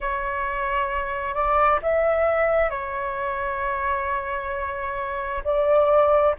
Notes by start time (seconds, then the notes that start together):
0.00 C#5
1.34 D5
1.82 E5
2.69 C#5
5.44 D5